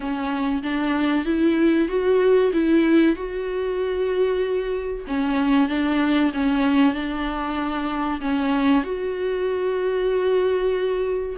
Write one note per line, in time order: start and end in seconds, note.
0.00 0.62 C#4
0.62 1.25 D4
1.25 1.88 E4
1.88 2.51 F#4
2.52 3.16 E4
3.16 5.05 F#4
5.07 5.68 C#4
5.68 6.32 D4
6.33 6.94 C#4
6.94 8.20 D4
8.20 8.83 C#4
8.83 11.36 F#4